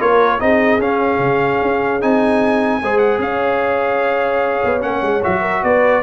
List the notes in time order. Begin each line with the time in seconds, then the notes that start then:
0.00 A#3 F4 A#4 C#5
0.40 C4 D#4 G#4 D#5
0.79 C#4 F5
1.19 C#3
1.63 C#4
2.01 C4 D#4 G#5
2.82 G#3 G#4 C5
2.99 F#5
3.19 C#4 C#5 F5
4.65 B3
4.81 A#3 C#4 F#5
5.02 G#3
5.23 F#3 F#4 E5
5.42 A#4
5.64 B3 B4 D5